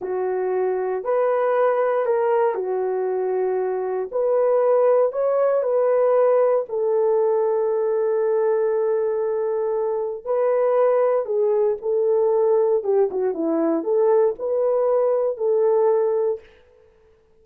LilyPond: \new Staff \with { instrumentName = "horn" } { \time 4/4 \tempo 4 = 117 fis'2 b'2 | ais'4 fis'2. | b'2 cis''4 b'4~ | b'4 a'2.~ |
a'1 | b'2 gis'4 a'4~ | a'4 g'8 fis'8 e'4 a'4 | b'2 a'2 | }